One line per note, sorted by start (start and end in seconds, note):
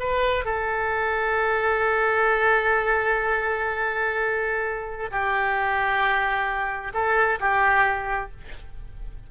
0.00 0.45 B4
0.45 5.11 A4
5.11 6.93 G4
6.94 7.39 A4
7.40 8.31 G4